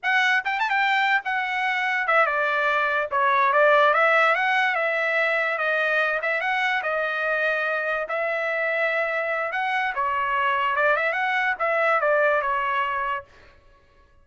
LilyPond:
\new Staff \with { instrumentName = "trumpet" } { \time 4/4 \tempo 4 = 145 fis''4 g''8 a''16 g''4~ g''16 fis''4~ | fis''4 e''8 d''2 cis''8~ | cis''8 d''4 e''4 fis''4 e''8~ | e''4. dis''4. e''8 fis''8~ |
fis''8 dis''2. e''8~ | e''2. fis''4 | cis''2 d''8 e''8 fis''4 | e''4 d''4 cis''2 | }